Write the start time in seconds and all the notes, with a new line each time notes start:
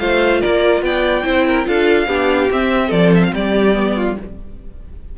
0.00 A3 F4 C5 F5
0.41 A#3 A#4 D5
0.82 B3 D5 G5
1.24 C4 E4 C5
1.47 A#4
1.65 D4 F4 A4 F5
2.08 B3 D4 G4
2.51 C4 E5
2.88 F3 A4 D5
3.15 E5
3.24 F5
3.34 G3 G4 D5
3.74 B3
3.96 F4